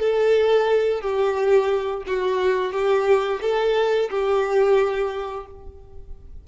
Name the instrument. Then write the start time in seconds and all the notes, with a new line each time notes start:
violin
0.00 A4
1.01 G4
2.07 F#4
2.72 G4
3.42 A4
4.10 G4